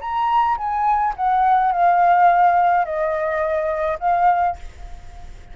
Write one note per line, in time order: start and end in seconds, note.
0.00 0.57 A#5
0.57 1.13 G#5
1.16 1.71 F#5
1.71 2.85 F5
2.85 3.98 D#5
3.99 4.56 F5